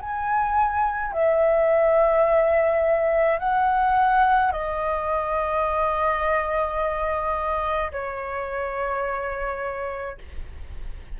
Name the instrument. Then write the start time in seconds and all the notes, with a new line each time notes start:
flute
0.00 G#5
1.12 E5
3.39 F#5
4.52 D#5
7.91 C#5